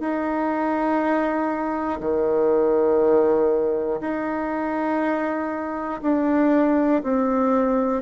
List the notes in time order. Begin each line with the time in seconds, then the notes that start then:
0.00 D#4
2.00 D#3
4.00 D#4
6.02 D4
7.03 C4